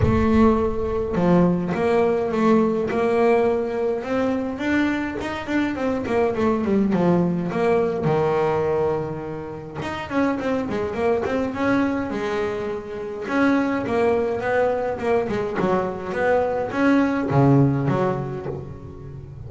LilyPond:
\new Staff \with { instrumentName = "double bass" } { \time 4/4 \tempo 4 = 104 a2 f4 ais4 | a4 ais2 c'4 | d'4 dis'8 d'8 c'8 ais8 a8 g8 | f4 ais4 dis2~ |
dis4 dis'8 cis'8 c'8 gis8 ais8 c'8 | cis'4 gis2 cis'4 | ais4 b4 ais8 gis8 fis4 | b4 cis'4 cis4 fis4 | }